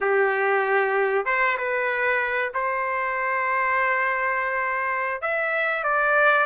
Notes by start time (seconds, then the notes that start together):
0.00 G4
1.25 C5
1.57 B4
2.53 C5
5.21 E5
5.83 D5